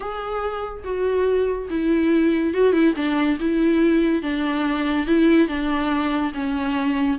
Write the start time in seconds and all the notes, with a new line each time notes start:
0.00 G#4
0.84 F#4
1.69 E4
2.54 F#4
2.73 E4
2.96 D4
3.40 E4
4.22 D4
5.06 E4
5.48 D4
6.34 C#4